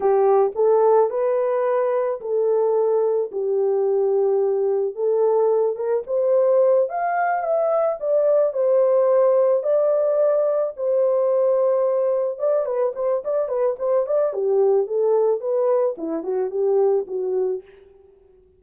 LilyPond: \new Staff \with { instrumentName = "horn" } { \time 4/4 \tempo 4 = 109 g'4 a'4 b'2 | a'2 g'2~ | g'4 a'4. ais'8 c''4~ | c''8 f''4 e''4 d''4 c''8~ |
c''4. d''2 c''8~ | c''2~ c''8 d''8 b'8 c''8 | d''8 b'8 c''8 d''8 g'4 a'4 | b'4 e'8 fis'8 g'4 fis'4 | }